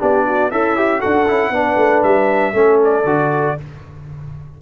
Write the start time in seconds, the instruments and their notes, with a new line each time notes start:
0.00 tuba B3, trombone D4, horn G4, trumpet D5
0.27 horn F#4
0.50 tuba C#4, horn E4, trombone A4, trumpet E5
0.77 trombone G4
1.00 tuba D4, trombone F#4, horn A4, trumpet F#5
1.28 tuba C#4, trombone E4
1.50 tuba B3, trombone D4, horn B4
1.77 tuba A3
2.03 tuba G3, trumpet E5
2.54 tuba A3, trombone C#4, horn A4
2.85 trumpet D5
3.05 tuba D3, trombone F#4